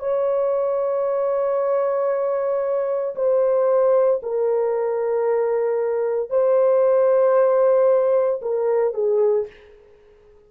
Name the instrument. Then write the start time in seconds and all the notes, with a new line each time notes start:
horn
0.00 C#5
3.16 C5
4.23 A#4
6.30 C5
8.42 A#4
8.94 G#4